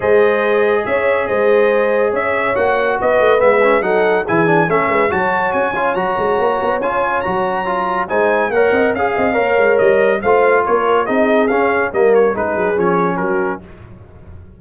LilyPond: <<
  \new Staff \with { instrumentName = "trumpet" } { \time 4/4 \tempo 4 = 141 dis''2 e''4 dis''4~ | dis''4 e''4 fis''4 dis''4 | e''4 fis''4 gis''4 e''4 | a''4 gis''4 ais''2 |
gis''4 ais''2 gis''4 | fis''4 f''2 dis''4 | f''4 cis''4 dis''4 f''4 | dis''8 cis''8 b'4 cis''4 ais'4 | }
  \new Staff \with { instrumentName = "horn" } { \time 4/4 c''2 cis''4 c''4~ | c''4 cis''2 b'4~ | b'4 a'4 gis'4 a'8 b'8 | cis''1~ |
cis''2. c''4 | cis''8 dis''8 f''8 dis''8 cis''2 | c''4 ais'4 gis'2 | ais'4 gis'2 fis'4 | }
  \new Staff \with { instrumentName = "trombone" } { \time 4/4 gis'1~ | gis'2 fis'2 | b8 cis'8 dis'4 e'8 d'8 cis'4 | fis'4. f'8 fis'2 |
f'4 fis'4 f'4 dis'4 | ais'4 gis'4 ais'2 | f'2 dis'4 cis'4 | ais4 dis'4 cis'2 | }
  \new Staff \with { instrumentName = "tuba" } { \time 4/4 gis2 cis'4 gis4~ | gis4 cis'4 ais4 b8 a8 | gis4 fis4 e4 a8 gis8 | fis4 cis'4 fis8 gis8 ais8 b8 |
cis'4 fis2 gis4 | ais8 c'8 cis'8 c'8 ais8 gis8 g4 | a4 ais4 c'4 cis'4 | g4 gis8 fis8 f4 fis4 | }
>>